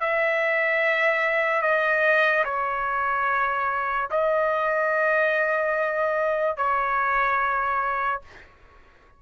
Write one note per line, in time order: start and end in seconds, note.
0.00 1.62 E5
1.62 2.44 D#5
2.45 4.09 C#5
4.11 6.57 D#5
6.57 8.22 C#5